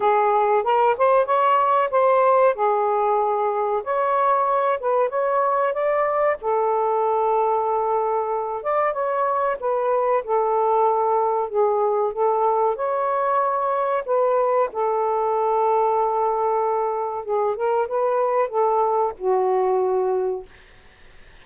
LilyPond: \new Staff \with { instrumentName = "saxophone" } { \time 4/4 \tempo 4 = 94 gis'4 ais'8 c''8 cis''4 c''4 | gis'2 cis''4. b'8 | cis''4 d''4 a'2~ | a'4. d''8 cis''4 b'4 |
a'2 gis'4 a'4 | cis''2 b'4 a'4~ | a'2. gis'8 ais'8 | b'4 a'4 fis'2 | }